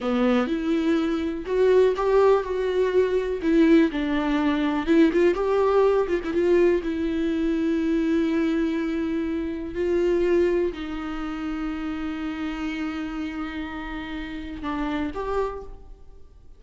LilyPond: \new Staff \with { instrumentName = "viola" } { \time 4/4 \tempo 4 = 123 b4 e'2 fis'4 | g'4 fis'2 e'4 | d'2 e'8 f'8 g'4~ | g'8 f'16 e'16 f'4 e'2~ |
e'1 | f'2 dis'2~ | dis'1~ | dis'2 d'4 g'4 | }